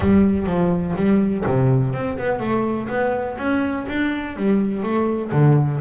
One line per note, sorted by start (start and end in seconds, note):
0.00 0.46 G3
0.46 0.95 F3
0.96 1.44 G3
1.46 1.93 C3
1.93 2.17 C4
2.18 2.39 B3
2.39 2.88 A3
2.88 3.36 B3
3.37 3.86 C#4
3.88 4.36 D4
4.36 4.83 G3
4.83 5.31 A3
5.31 5.80 D3